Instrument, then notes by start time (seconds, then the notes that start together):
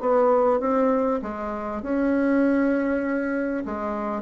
bassoon
0.00 B3
0.60 C4
1.21 G#3
1.82 C#4
3.65 G#3